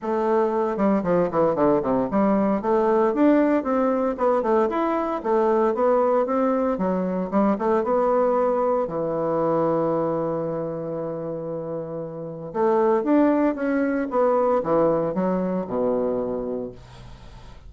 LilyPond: \new Staff \with { instrumentName = "bassoon" } { \time 4/4 \tempo 4 = 115 a4. g8 f8 e8 d8 c8 | g4 a4 d'4 c'4 | b8 a8 e'4 a4 b4 | c'4 fis4 g8 a8 b4~ |
b4 e2.~ | e1 | a4 d'4 cis'4 b4 | e4 fis4 b,2 | }